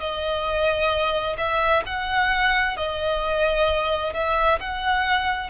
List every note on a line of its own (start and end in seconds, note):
0.00 1.36 D#5
1.37 1.83 E5
1.86 2.76 F#5
2.76 4.13 D#5
4.14 4.59 E5
4.60 5.50 F#5